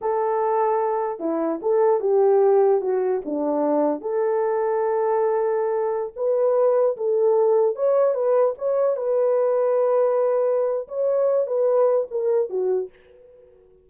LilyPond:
\new Staff \with { instrumentName = "horn" } { \time 4/4 \tempo 4 = 149 a'2. e'4 | a'4 g'2 fis'4 | d'2 a'2~ | a'2.~ a'16 b'8.~ |
b'4~ b'16 a'2 cis''8.~ | cis''16 b'4 cis''4 b'4.~ b'16~ | b'2. cis''4~ | cis''8 b'4. ais'4 fis'4 | }